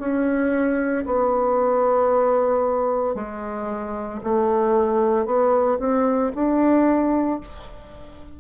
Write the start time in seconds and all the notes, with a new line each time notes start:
0.00 C#4
1.06 B3
3.15 G#3
4.24 A3
5.26 B3
5.80 C4
6.35 D4